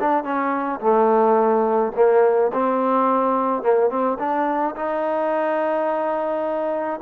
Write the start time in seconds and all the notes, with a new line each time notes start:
0.00 D4
0.24 C#4
0.80 A3
1.95 A#3
2.53 C4
3.62 A#3
3.90 C4
4.19 D4
4.76 D#4